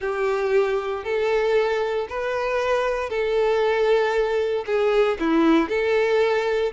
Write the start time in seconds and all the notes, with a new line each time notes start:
0.00 G4
1.03 A4
2.08 B4
3.09 A4
4.66 G#4
5.19 E4
5.68 A4